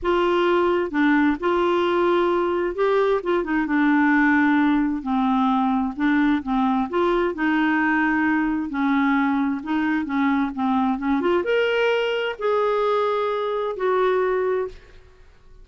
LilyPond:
\new Staff \with { instrumentName = "clarinet" } { \time 4/4 \tempo 4 = 131 f'2 d'4 f'4~ | f'2 g'4 f'8 dis'8 | d'2. c'4~ | c'4 d'4 c'4 f'4 |
dis'2. cis'4~ | cis'4 dis'4 cis'4 c'4 | cis'8 f'8 ais'2 gis'4~ | gis'2 fis'2 | }